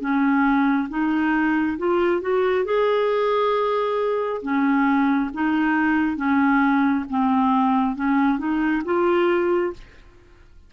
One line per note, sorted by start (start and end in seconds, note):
0.00 0.88 C#4
0.89 1.77 D#4
1.78 2.21 F4
2.21 2.65 F#4
2.65 4.41 G#4
4.42 5.30 C#4
5.33 6.16 D#4
6.16 7.05 C#4
7.09 7.95 C4
7.95 8.38 C#4
8.38 8.82 D#4
8.85 9.73 F4